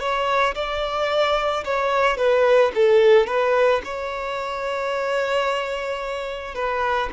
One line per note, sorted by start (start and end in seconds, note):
0.00 0.55 C#5
0.55 1.64 D5
1.65 2.17 C#5
2.17 2.72 B4
2.75 3.27 A4
3.27 3.82 B4
3.85 6.55 C#5
6.55 7.10 B4